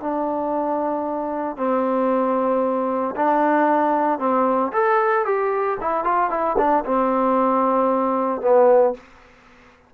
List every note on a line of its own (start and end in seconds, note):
0.00 1.57 D4
1.57 3.15 C4
3.16 4.19 D4
4.19 4.72 C4
4.73 5.25 A4
5.25 5.78 G4
5.80 6.04 E4
6.04 6.30 F4
6.30 6.56 E4
6.58 6.84 D4
6.85 8.41 C4
8.41 8.94 B3